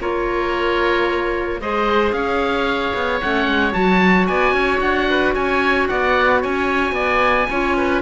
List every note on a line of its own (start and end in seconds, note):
0.00 1.60 A#3
0.00 1.60 F4
0.00 1.62 A#4
0.00 1.61 C#5
1.60 2.12 G#3
1.60 3.21 G#4
1.60 2.15 C5
1.60 2.13 D#5
2.12 2.92 C#4
2.12 4.29 C#5
2.12 3.20 F5
2.94 3.20 B3
3.21 3.47 A3
3.21 3.72 C#4
3.21 3.73 F#5
3.47 3.74 G#3
3.72 4.28 F#3
3.72 7.47 F#4
3.72 4.26 A5
4.26 4.53 B3
4.26 4.54 D5
4.26 4.80 G#5
4.53 4.80 C#4
4.53 5.08 C#5
4.80 5.34 D4
4.80 5.34 F#5
5.10 5.34 B4
5.34 5.89 C#4
5.34 5.88 C#5
5.34 5.88 G#5
5.88 6.44 B3
5.88 6.41 D5
5.88 6.42 F#5
6.41 6.92 C#4
6.41 6.94 C#5
6.41 8.01 G#5
6.92 7.45 B3
6.92 7.48 D5
7.50 8.01 C#4
7.50 8.01 F4
7.50 7.76 C#5
7.77 8.01 B4